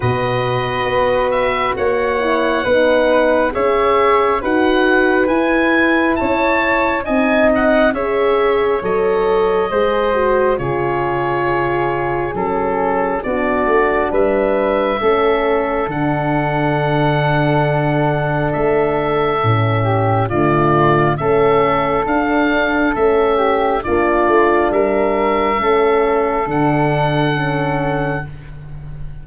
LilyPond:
<<
  \new Staff \with { instrumentName = "oboe" } { \time 4/4 \tempo 4 = 68 dis''4. e''8 fis''2 | e''4 fis''4 gis''4 a''4 | gis''8 fis''8 e''4 dis''2 | cis''2 a'4 d''4 |
e''2 fis''2~ | fis''4 e''2 d''4 | e''4 f''4 e''4 d''4 | e''2 fis''2 | }
  \new Staff \with { instrumentName = "flute" } { \time 4/4 b'2 cis''4 b'4 | cis''4 b'2 cis''4 | dis''4 cis''2 c''4 | gis'2. fis'4 |
b'4 a'2.~ | a'2~ a'8 g'8 f'4 | a'2~ a'8 g'8 f'4 | ais'4 a'2. | }
  \new Staff \with { instrumentName = "horn" } { \time 4/4 fis'2~ fis'8 e'8 dis'4 | gis'4 fis'4 e'2 | dis'4 gis'4 a'4 gis'8 fis'8 | f'2 cis'4 d'4~ |
d'4 cis'4 d'2~ | d'2 cis'4 a4 | cis'4 d'4 cis'4 d'4~ | d'4 cis'4 d'4 cis'4 | }
  \new Staff \with { instrumentName = "tuba" } { \time 4/4 b,4 b4 ais4 b4 | cis'4 dis'4 e'4 cis'4 | c'4 cis'4 fis4 gis4 | cis2 fis4 b8 a8 |
g4 a4 d2~ | d4 a4 a,4 d4 | a4 d'4 a4 ais8 a8 | g4 a4 d2 | }
>>